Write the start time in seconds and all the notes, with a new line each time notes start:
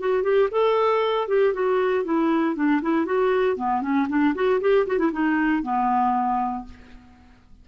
0.00 F#4
0.23 G4
0.51 A4
1.28 G4
1.54 F#4
2.04 E4
2.55 D4
2.82 E4
3.05 F#4
3.56 B3
3.81 C#4
4.09 D4
4.35 F#4
4.61 G4
4.87 F#4
4.98 E4
5.12 D#4
5.63 B3